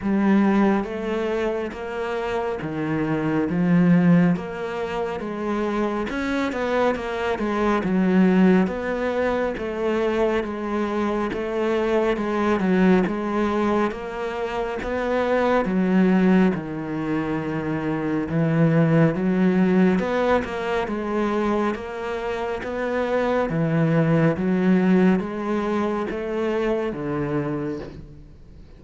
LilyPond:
\new Staff \with { instrumentName = "cello" } { \time 4/4 \tempo 4 = 69 g4 a4 ais4 dis4 | f4 ais4 gis4 cis'8 b8 | ais8 gis8 fis4 b4 a4 | gis4 a4 gis8 fis8 gis4 |
ais4 b4 fis4 dis4~ | dis4 e4 fis4 b8 ais8 | gis4 ais4 b4 e4 | fis4 gis4 a4 d4 | }